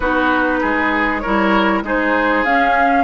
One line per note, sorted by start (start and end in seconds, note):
0.00 0.61 B3
0.00 1.23 D#4
0.00 0.60 F#4
0.00 1.19 B4
0.60 1.24 G#3
0.60 1.21 G#4
1.19 1.84 E4
1.19 1.83 A#4
1.19 1.80 C#5
1.26 1.82 G3
1.82 2.44 G#3
1.82 2.45 D#4
1.82 3.04 G#4
1.82 2.44 C5
2.44 3.04 C#4
2.44 3.04 F5